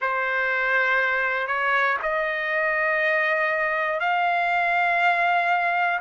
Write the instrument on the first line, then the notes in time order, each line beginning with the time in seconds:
trumpet
0.01 C5
1.47 C#5
2.02 D#5
4.00 F5